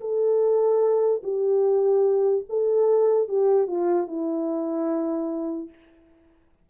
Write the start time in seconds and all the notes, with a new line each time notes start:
0.00 A4
1.23 G4
2.49 A4
3.28 G4
3.67 F4
4.07 E4